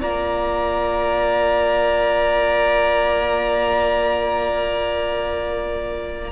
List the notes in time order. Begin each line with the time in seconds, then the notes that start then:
0.00 A#3 F4 D5 A#5